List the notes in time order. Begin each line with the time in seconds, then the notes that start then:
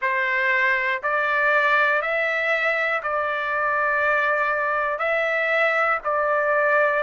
0.01 C5
1.02 D5
2.01 E5
3.02 D5
4.98 E5
6.04 D5